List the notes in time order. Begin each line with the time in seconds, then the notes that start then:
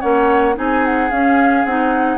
0.00 A#3 C#4 C#5 F#5
0.55 C4 D#4 G#4 G#5
0.85 F#5
1.11 C#4 F5
1.65 C4 D#4 F#5